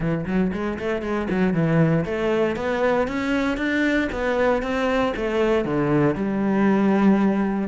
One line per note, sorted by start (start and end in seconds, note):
0.00 0.25 E3
0.26 0.51 F#3
0.52 0.78 G#3
0.79 1.02 A3
1.02 1.27 G#3
1.30 1.53 F#3
1.53 2.05 E3
2.05 2.56 A3
2.56 3.07 B3
3.07 3.57 C#4
3.57 4.08 D4
4.12 4.62 B3
4.62 5.13 C4
5.16 5.64 A3
5.64 6.15 D3
6.15 7.68 G3